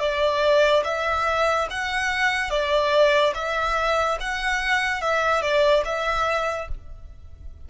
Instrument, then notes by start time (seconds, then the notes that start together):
violin
0.00 D5
0.85 E5
1.71 F#5
2.51 D5
3.35 E5
4.21 F#5
5.02 E5
5.42 D5
5.85 E5